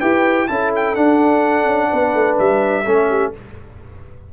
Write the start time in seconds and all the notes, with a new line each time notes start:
0.00 E4 G4 B4 G5
0.48 C#4 E4 A4 A5
0.75 G5
0.95 D4 F#5
1.65 C#4
1.89 B3 B4
2.14 A3
2.38 G3 E5
2.85 A3 C#4 A4
3.09 G4